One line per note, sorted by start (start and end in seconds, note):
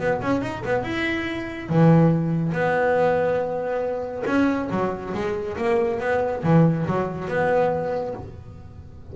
0.00 0.21 B3
0.22 0.42 C#4
0.42 0.63 D#4
0.66 0.84 B3
0.84 1.69 E4
1.70 2.53 E3
2.53 4.24 B3
4.27 4.70 C#4
4.71 5.14 F#3
5.14 5.57 G#3
5.58 6.00 A#3
6.00 6.43 B3
6.44 6.86 E3
6.87 7.29 F#3
7.29 8.14 B3